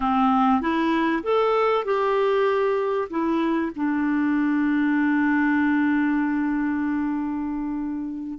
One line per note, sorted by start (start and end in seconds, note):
0.00 0.61 C4
0.61 1.23 E4
1.23 1.84 A4
1.84 3.08 G4
3.09 3.71 E4
3.75 8.38 D4